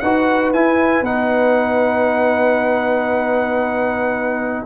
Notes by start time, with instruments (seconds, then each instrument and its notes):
0.00 tuba D#4, trombone F#4, horn B4, trumpet F#5
0.53 tuba E4, trombone E4, trumpet G#5
1.02 tuba B3, trombone D#4, trumpet F#5